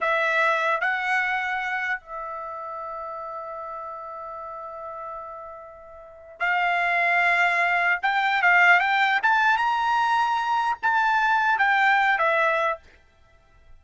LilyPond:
\new Staff \with { instrumentName = "trumpet" } { \time 4/4 \tempo 4 = 150 e''2 fis''2~ | fis''4 e''2.~ | e''1~ | e''1 |
f''1 | g''4 f''4 g''4 a''4 | ais''2. a''4~ | a''4 g''4. e''4. | }